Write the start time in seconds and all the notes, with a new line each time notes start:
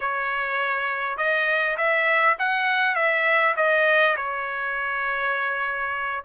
0.00 C#5
1.17 D#5
1.77 E5
2.38 F#5
2.95 E5
3.56 D#5
4.16 C#5